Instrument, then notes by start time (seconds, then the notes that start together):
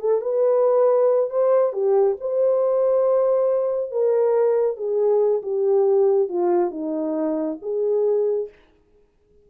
horn
0.00 A4
0.22 B4
1.31 C5
1.73 G4
2.21 C5
3.92 A#4
4.77 G#4
5.43 G4
6.29 F4
6.72 D#4
7.62 G#4